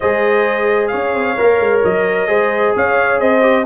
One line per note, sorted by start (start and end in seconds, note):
0.00 0.93 G#3
0.00 1.37 G#4
0.00 0.91 C5
0.00 0.87 D#5
0.87 1.14 C#4
0.87 2.28 C#5
0.87 1.79 F5
1.14 1.37 C4
1.37 1.59 A#3
1.37 2.27 A#4
1.59 1.82 G#3
1.84 2.28 F#3
1.84 2.75 D#5
2.27 2.74 G#3
2.27 3.41 G#4
2.27 2.74 C5
2.76 3.20 C#4
2.76 3.20 C#5
2.76 3.20 F5
3.20 3.66 C4
3.20 3.66 C5
3.20 3.66 D#5
3.41 3.64 G4